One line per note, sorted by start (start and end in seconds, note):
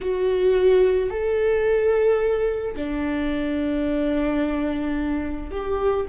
0.00 1.10 F#4
1.10 2.75 A4
2.75 5.51 D4
5.51 6.06 G4